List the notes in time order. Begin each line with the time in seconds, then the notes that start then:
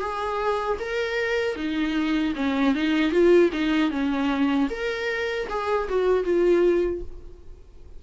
0.00 G#4
0.79 A#4
1.56 D#4
2.36 C#4
2.75 D#4
3.11 F4
3.52 D#4
3.91 C#4
4.70 A#4
5.49 G#4
5.89 F#4
6.24 F4